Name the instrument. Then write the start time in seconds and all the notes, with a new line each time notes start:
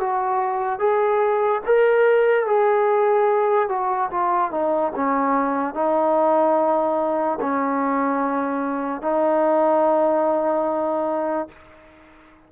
trombone
0.00 F#4
0.79 G#4
1.66 A#4
2.47 G#4
3.69 F#4
4.11 F4
4.51 D#4
4.96 C#4
5.75 D#4
7.40 C#4
9.02 D#4